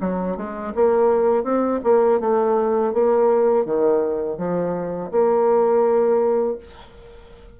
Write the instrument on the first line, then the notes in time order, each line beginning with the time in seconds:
bassoon
0.00 F#3
0.36 G#3
0.75 A#3
1.43 C4
1.84 A#3
2.20 A3
2.93 A#3
3.65 D#3
4.37 F3
5.11 A#3